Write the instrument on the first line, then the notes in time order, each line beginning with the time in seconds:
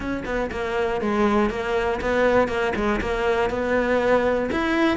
cello
0.00 C#4
0.25 B3
0.51 A#3
1.01 G#3
1.50 A#3
2.00 B3
2.48 A#3
2.75 G#3
3.00 A#3
3.50 B3
4.51 E4